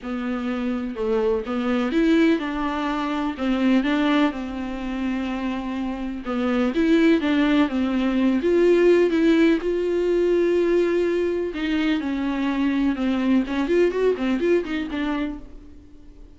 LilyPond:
\new Staff \with { instrumentName = "viola" } { \time 4/4 \tempo 4 = 125 b2 a4 b4 | e'4 d'2 c'4 | d'4 c'2.~ | c'4 b4 e'4 d'4 |
c'4. f'4. e'4 | f'1 | dis'4 cis'2 c'4 | cis'8 f'8 fis'8 c'8 f'8 dis'8 d'4 | }